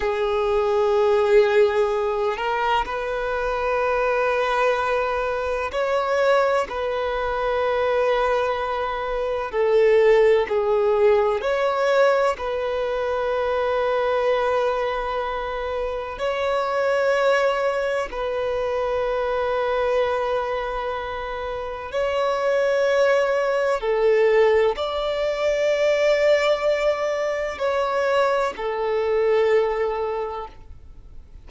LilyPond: \new Staff \with { instrumentName = "violin" } { \time 4/4 \tempo 4 = 63 gis'2~ gis'8 ais'8 b'4~ | b'2 cis''4 b'4~ | b'2 a'4 gis'4 | cis''4 b'2.~ |
b'4 cis''2 b'4~ | b'2. cis''4~ | cis''4 a'4 d''2~ | d''4 cis''4 a'2 | }